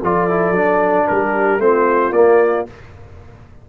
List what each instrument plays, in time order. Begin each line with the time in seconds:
0.00 tuba F3, trombone F4, horn A4, trumpet D5
0.30 trombone E4
0.51 tuba F#3, trombone D4
1.08 tuba G3, horn G4, trumpet A#4
1.58 tuba A3, trombone C4, horn F4, trumpet C5
2.12 tuba A#3, trombone A#3, trumpet D5